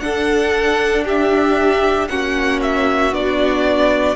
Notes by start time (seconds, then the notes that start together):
0.00 D4 A4 F#5
1.05 G4 E5
2.08 A#3 C#4 F#4 F#5
2.62 E5
3.12 B3 D4 D5